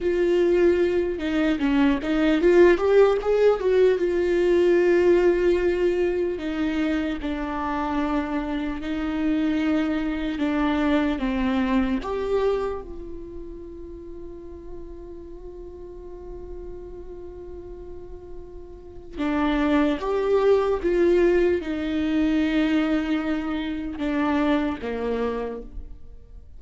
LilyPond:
\new Staff \with { instrumentName = "viola" } { \time 4/4 \tempo 4 = 75 f'4. dis'8 cis'8 dis'8 f'8 g'8 | gis'8 fis'8 f'2. | dis'4 d'2 dis'4~ | dis'4 d'4 c'4 g'4 |
f'1~ | f'1 | d'4 g'4 f'4 dis'4~ | dis'2 d'4 ais4 | }